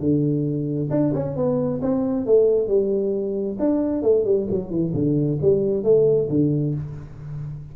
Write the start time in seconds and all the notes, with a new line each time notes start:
0.00 D3
0.91 D4
1.14 C#4
1.37 B3
1.82 C4
2.26 A3
2.68 G3
3.60 D4
4.03 A3
4.25 G3
4.51 F#3
4.71 E3
4.95 D3
5.42 G3
5.84 A3
6.30 D3